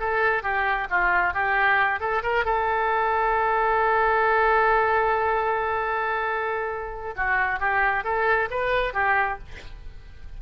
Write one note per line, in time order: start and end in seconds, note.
0.00 0.43 A4
0.43 0.88 G4
0.91 1.34 F4
1.34 2.00 G4
2.00 2.23 A4
2.23 2.45 A#4
2.45 7.15 A4
7.16 7.60 F#4
7.60 8.04 G4
8.04 8.49 A4
8.51 8.94 B4
8.94 9.39 G4